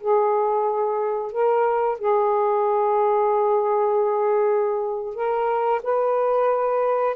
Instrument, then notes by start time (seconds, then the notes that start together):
saxophone
0.00 G#4
1.32 A#4
1.98 G#4
5.14 A#4
5.83 B4